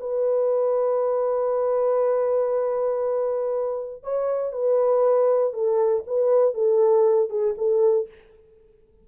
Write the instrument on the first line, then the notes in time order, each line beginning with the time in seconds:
horn
0.00 B4
4.03 C#5
4.53 B4
5.53 A4
6.07 B4
6.54 A4
7.29 G#4
7.57 A4